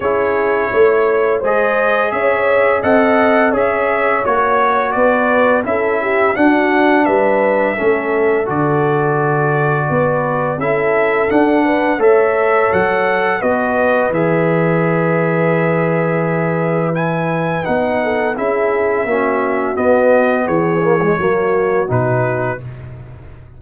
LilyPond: <<
  \new Staff \with { instrumentName = "trumpet" } { \time 4/4 \tempo 4 = 85 cis''2 dis''4 e''4 | fis''4 e''4 cis''4 d''4 | e''4 fis''4 e''2 | d''2. e''4 |
fis''4 e''4 fis''4 dis''4 | e''1 | gis''4 fis''4 e''2 | dis''4 cis''2 b'4 | }
  \new Staff \with { instrumentName = "horn" } { \time 4/4 gis'4 cis''4 c''4 cis''4 | dis''4 cis''2 b'4 | a'8 g'8 fis'4 b'4 a'4~ | a'2 b'4 a'4~ |
a'8 b'8 cis''2 b'4~ | b'1~ | b'4. a'8 gis'4 fis'4~ | fis'4 gis'4 fis'2 | }
  \new Staff \with { instrumentName = "trombone" } { \time 4/4 e'2 gis'2 | a'4 gis'4 fis'2 | e'4 d'2 cis'4 | fis'2. e'4 |
d'4 a'2 fis'4 | gis'1 | e'4 dis'4 e'4 cis'4 | b4. ais16 gis16 ais4 dis'4 | }
  \new Staff \with { instrumentName = "tuba" } { \time 4/4 cis'4 a4 gis4 cis'4 | c'4 cis'4 ais4 b4 | cis'4 d'4 g4 a4 | d2 b4 cis'4 |
d'4 a4 fis4 b4 | e1~ | e4 b4 cis'4 ais4 | b4 e4 fis4 b,4 | }
>>